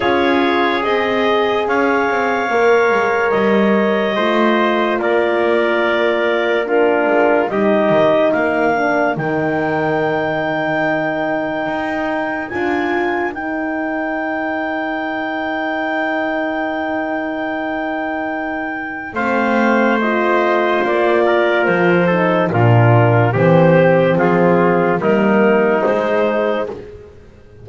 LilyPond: <<
  \new Staff \with { instrumentName = "clarinet" } { \time 4/4 \tempo 4 = 72 cis''4 dis''4 f''2 | dis''2 d''2 | ais'4 dis''4 f''4 g''4~ | g''2. gis''4 |
g''1~ | g''2. f''4 | dis''4 d''4 c''4 ais'4 | c''4 gis'4 ais'4 c''4 | }
  \new Staff \with { instrumentName = "trumpet" } { \time 4/4 gis'2 cis''2~ | cis''4 c''4 ais'2 | f'4 g'4 ais'2~ | ais'1~ |
ais'1~ | ais'2. c''4~ | c''4. ais'4 a'8 f'4 | g'4 f'4 dis'2 | }
  \new Staff \with { instrumentName = "horn" } { \time 4/4 f'4 gis'2 ais'4~ | ais'4 f'2. | d'4 dis'4. d'8 dis'4~ | dis'2. f'4 |
dis'1~ | dis'2. c'4 | f'2~ f'8 dis'8 d'4 | c'2 ais4 gis4 | }
  \new Staff \with { instrumentName = "double bass" } { \time 4/4 cis'4 c'4 cis'8 c'8 ais8 gis8 | g4 a4 ais2~ | ais8 gis8 g8 dis8 ais4 dis4~ | dis2 dis'4 d'4 |
dis'1~ | dis'2. a4~ | a4 ais4 f4 ais,4 | e4 f4 g4 gis4 | }
>>